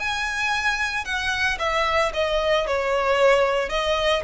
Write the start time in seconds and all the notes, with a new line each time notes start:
0.00 G#5
1.05 F#5
1.59 E5
2.14 D#5
2.67 C#5
3.70 D#5